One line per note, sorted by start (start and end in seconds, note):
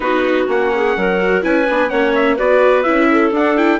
0.00 0.47 B3
0.00 0.46 D#4
0.00 0.73 F#4
0.00 0.48 B4
0.46 0.95 A#3
0.46 1.18 C#4
0.46 1.43 F#5
0.74 0.97 G#4
0.96 1.43 F#3
0.96 1.43 A#4
1.20 1.42 F#4
1.42 1.68 C#4
1.42 1.65 E4
1.42 1.90 B4
1.42 1.89 G#5
1.69 1.91 B3
1.69 1.89 D4
1.89 2.38 A#3
1.89 2.37 C#4
1.89 2.36 C#5
1.89 2.13 F#5
2.14 2.38 E5
2.36 2.86 B3
2.36 2.84 F#4
2.36 3.07 B4
2.36 2.82 D5
2.82 3.31 C#4
2.82 3.32 E4
2.82 3.30 E5
3.11 3.79 A4
3.31 3.79 D4
3.31 3.57 F#5
3.37 3.56 D4
3.56 3.79 E4
3.56 3.79 G5